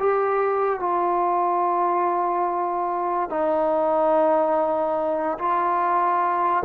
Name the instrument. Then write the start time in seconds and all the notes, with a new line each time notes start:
trombone
0.00 G4
0.80 F4
3.30 D#4
5.39 F4